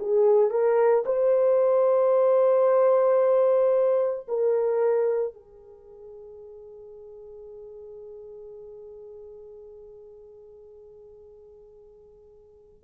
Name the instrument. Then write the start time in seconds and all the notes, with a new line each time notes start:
horn
0.00 G#4
0.51 A#4
1.06 C5
4.28 A#4
5.34 G#4